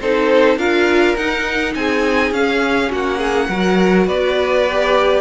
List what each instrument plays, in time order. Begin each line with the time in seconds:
0.00 cello C4, viola D#4, violin A4 C5
0.57 cello D4, viola F4, violin A#4 F5
1.16 cello D#4, viola D#4, violin F#5
1.75 cello C4, violin G#4 G#5
2.31 cello C#4, viola C#4, violin F5
2.91 cello A#3, violin F#4 F#5
3.17 violin G#4
3.49 cello F#3, viola F#4, violin A#4
4.07 cello B3, violin B4 D5
4.70 viola G4